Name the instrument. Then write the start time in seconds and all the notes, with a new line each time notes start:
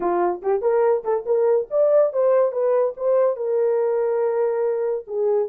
horn
0.00 F4
0.42 G4
0.61 A#4
1.04 A4
1.25 A#4
1.70 D5
2.12 C5
2.51 B4
2.96 C5
3.36 A#4
5.07 G#4